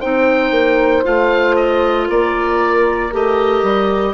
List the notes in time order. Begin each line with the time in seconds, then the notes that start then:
0.00 C4 D#4 C5 G5
0.51 A#3
1.03 A3 F4 F5
1.55 D#5
2.08 A#3 A#4 D5
3.12 A3 G4 D#5
3.62 G3